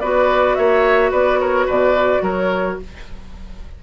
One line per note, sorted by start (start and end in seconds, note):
0.00 0.57 B3
0.00 2.83 F#4
0.00 0.57 B4
0.00 0.55 D5
0.55 1.12 A#3
0.55 1.11 C#5
0.55 1.11 E5
1.11 1.68 B3
1.11 1.39 B4
1.11 1.40 D5
1.40 1.66 A#4
1.40 1.68 C#5
1.66 2.22 B2
1.66 2.22 B4
1.66 2.23 D5
2.22 2.78 F#3
2.22 2.79 A#4
2.22 2.79 C#5